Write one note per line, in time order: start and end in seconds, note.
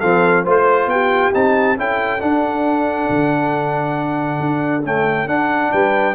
0.00 0.46 F3
0.00 0.45 C4
0.00 0.43 A4
0.00 0.44 F5
0.43 0.86 A3
0.43 1.33 F4
0.43 0.87 C5
0.43 0.89 C5
0.86 1.30 B3
0.86 1.79 G4
0.86 1.33 G5
1.33 1.77 C4
1.33 1.77 D#4
1.33 1.78 A5
1.77 2.21 C#4
1.77 2.19 E4
1.77 5.72 A4
1.77 2.21 G5
2.19 4.82 D4
2.19 3.08 D4
2.19 4.84 F#5
3.09 4.40 D3
4.40 4.83 D4
4.84 5.28 A3
4.84 5.27 C#4
4.84 5.28 G5
5.27 5.71 D4
5.27 6.14 D4
5.27 5.71 F#5
5.71 6.14 G3
5.71 6.14 B4
5.71 6.14 G5